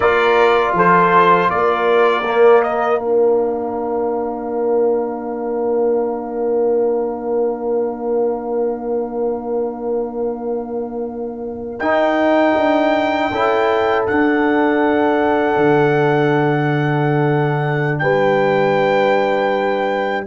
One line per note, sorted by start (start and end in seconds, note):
0.00 0.72 A#3
0.00 2.24 F4
0.00 0.74 A#4
0.00 0.74 D5
0.72 1.47 F3
0.72 1.51 A4
0.72 1.50 C5
1.50 11.79 A#3
1.50 13.30 A#4
1.50 2.62 D5
2.25 2.99 A#3
2.62 3.00 D#5
2.99 11.80 D4
2.99 11.79 F5
11.79 12.54 D#4
11.79 13.31 D#4
11.79 14.04 G5
12.55 13.30 D4
13.30 14.06 C#4
13.30 14.08 E4
13.30 17.99 A4
14.06 20.26 D4
14.06 15.56 D4
14.06 17.99 F#5
15.56 18.00 D3
17.99 20.26 G3
17.99 20.26 B4
17.99 20.24 G5